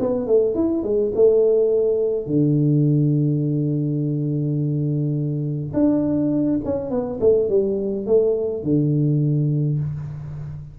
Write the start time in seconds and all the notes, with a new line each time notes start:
0.00 B3
0.27 A3
0.55 E4
0.83 G#3
1.15 A3
2.26 D3
5.73 D4
6.65 C#4
6.90 B3
7.20 A3
7.49 G3
8.06 A3
8.63 D3